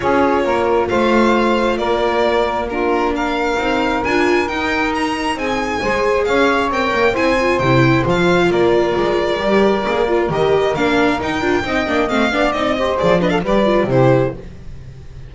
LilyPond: <<
  \new Staff \with { instrumentName = "violin" } { \time 4/4 \tempo 4 = 134 cis''2 f''2 | d''2 ais'4 f''4~ | f''4 gis''4 g''4 ais''4 | gis''2 f''4 g''4 |
gis''4 g''4 f''4 d''4~ | d''2. dis''4 | f''4 g''2 f''4 | dis''4 d''8 dis''16 f''16 d''4 c''4 | }
  \new Staff \with { instrumentName = "saxophone" } { \time 4/4 gis'4 ais'4 c''2 | ais'2 f'4 ais'4~ | ais'1 | gis'4 c''4 cis''2 |
c''2. ais'4~ | ais'1~ | ais'2 dis''4. d''8~ | d''8 c''4 b'16 a'16 b'4 g'4 | }
  \new Staff \with { instrumentName = "viola" } { \time 4/4 f'1~ | f'2 d'2 | dis'4 f'4 dis'2~ | dis'4 gis'2 ais'4 |
e'8 f'8 e'4 f'2~ | f'4 g'4 gis'8 f'8 g'4 | d'4 dis'8 f'8 dis'8 d'8 c'8 d'8 | dis'8 g'8 gis'8 d'8 g'8 f'8 e'4 | }
  \new Staff \with { instrumentName = "double bass" } { \time 4/4 cis'4 ais4 a2 | ais1 | c'4 d'4 dis'2 | c'4 gis4 cis'4 c'8 ais8 |
c'4 c4 f4 ais4 | gis4 g4 ais4 dis4 | ais4 dis'8 d'8 c'8 ais8 a8 b8 | c'4 f4 g4 c4 | }
>>